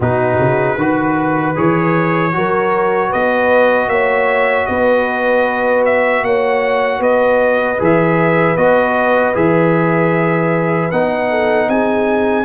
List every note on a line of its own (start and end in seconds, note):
0.00 0.38 B2
0.00 0.78 D#4
0.00 0.76 F#4
0.00 1.56 B4
0.39 0.76 C#3
0.76 1.54 D#3
0.76 1.55 F#4
0.76 2.31 B4
1.55 2.35 E3
1.55 2.32 G#4
1.55 3.12 C#5
2.32 3.13 F#3
2.32 7.77 F#4
2.32 3.09 A#4
3.09 3.87 B3
3.09 3.87 B4
3.09 3.89 D#5
3.87 4.65 A#3
3.87 4.68 C#5
3.87 4.66 E5
4.66 6.23 B3
4.66 6.25 B4
4.66 5.83 D#5
5.85 6.24 E5
6.23 6.99 A#3
6.23 6.99 C#5
6.23 7.02 F#5
6.99 7.77 B3
6.99 11.28 B4
6.99 7.80 D#5
7.78 8.56 E3
7.78 8.56 G#4
7.78 8.56 E5
8.56 9.34 B3
8.56 9.34 F#4
8.56 9.34 D#5
9.34 10.91 E3
9.34 10.90 G#4
9.34 10.91 E5
10.91 11.68 B3
10.91 12.44 D#4
10.91 11.69 F#5
11.29 11.68 A4
11.68 12.44 C4
11.68 12.44 G#4
11.68 12.44 G#5